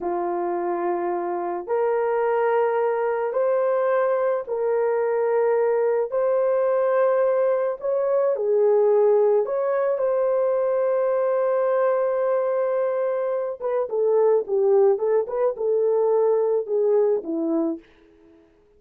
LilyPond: \new Staff \with { instrumentName = "horn" } { \time 4/4 \tempo 4 = 108 f'2. ais'4~ | ais'2 c''2 | ais'2. c''4~ | c''2 cis''4 gis'4~ |
gis'4 cis''4 c''2~ | c''1~ | c''8 b'8 a'4 g'4 a'8 b'8 | a'2 gis'4 e'4 | }